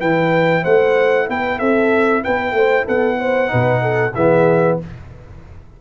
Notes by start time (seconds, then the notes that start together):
0.00 E3 E4 B4 G5
0.63 A3 C5 F#5
1.28 B3 B4 G5
1.59 C4 A4 E5
2.23 B3 B4 G5
2.52 A3 C5
2.85 B3 A4 F#5
3.19 C5
3.47 B2 D#4 B4
3.82 A4
4.14 E3 B3 G#4 E5